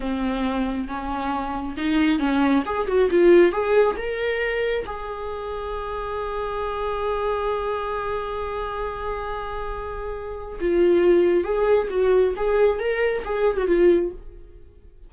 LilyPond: \new Staff \with { instrumentName = "viola" } { \time 4/4 \tempo 4 = 136 c'2 cis'2 | dis'4 cis'4 gis'8 fis'8 f'4 | gis'4 ais'2 gis'4~ | gis'1~ |
gis'1~ | gis'1 | f'2 gis'4 fis'4 | gis'4 ais'4 gis'8. fis'16 f'4 | }